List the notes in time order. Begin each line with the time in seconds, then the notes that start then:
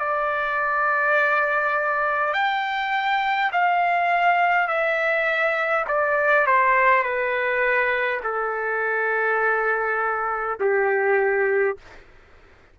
0.00 D5
2.34 G5
3.53 F5
4.68 E5
5.88 D5
6.47 C5
7.03 B4
8.24 A4
10.60 G4